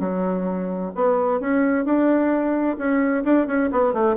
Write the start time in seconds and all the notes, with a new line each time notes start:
0.00 F#3
0.95 B3
1.40 C#4
1.85 D4
2.78 C#4
3.25 D4
3.47 C#4
3.72 B3
3.93 A3